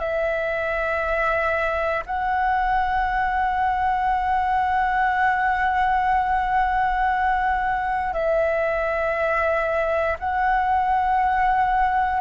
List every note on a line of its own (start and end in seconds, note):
0.00 2.03 E5
2.07 8.14 F#5
8.14 10.17 E5
10.20 12.21 F#5